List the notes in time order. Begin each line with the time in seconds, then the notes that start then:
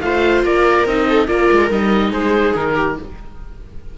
0.00 A3 F4 C5 F5
0.43 A#3 A#4 D5
0.85 C4 D#4 D#5
1.08 A4
1.27 A#3 F4 A#4 D5
1.51 G#3
1.70 G3 D#4 D#5
2.10 G#3 G#4 C5
2.55 D#3 A#4
2.74 G4